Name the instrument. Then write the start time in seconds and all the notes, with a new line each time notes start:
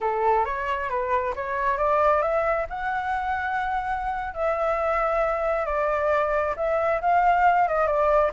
flute
0.01 A4
0.45 C#5
0.89 B4
1.35 C#5
1.77 D5
2.22 E5
2.69 F#5
4.34 E5
5.65 D5
6.56 E5
7.01 F5
7.68 D#5
7.86 D5